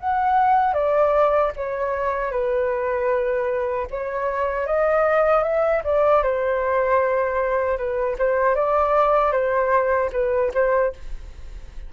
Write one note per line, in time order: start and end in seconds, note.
0.00 0.74 F#5
0.74 1.52 D5
1.57 2.32 C#5
2.32 3.87 B4
3.91 4.66 C#5
4.66 5.44 D#5
5.44 5.83 E5
5.84 6.23 D5
6.23 7.78 C5
7.78 8.17 B4
8.19 8.55 C5
8.55 9.32 D5
9.32 10.10 C5
10.13 10.52 B4
10.54 10.93 C5